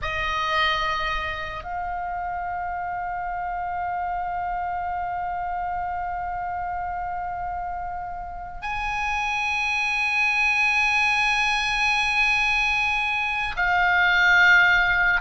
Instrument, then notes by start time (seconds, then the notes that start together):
oboe
0.02 D#5
1.63 F5
8.62 G#5
13.56 F5